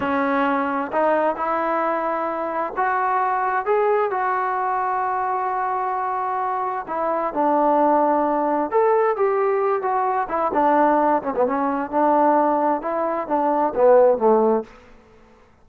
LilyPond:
\new Staff \with { instrumentName = "trombone" } { \time 4/4 \tempo 4 = 131 cis'2 dis'4 e'4~ | e'2 fis'2 | gis'4 fis'2.~ | fis'2. e'4 |
d'2. a'4 | g'4. fis'4 e'8 d'4~ | d'8 cis'16 b16 cis'4 d'2 | e'4 d'4 b4 a4 | }